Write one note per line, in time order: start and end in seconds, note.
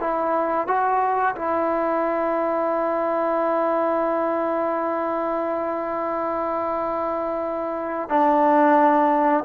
0.00 0.67 E4
0.68 1.35 F#4
1.35 8.10 E4
8.10 9.44 D4